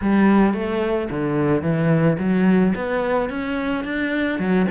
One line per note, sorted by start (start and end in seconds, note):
0.01 0.53 G3
0.53 1.08 A3
1.10 1.62 D3
1.62 2.17 E3
2.19 2.74 F#3
2.75 3.29 B3
3.29 3.84 C#4
3.84 4.39 D4
4.39 4.66 F#3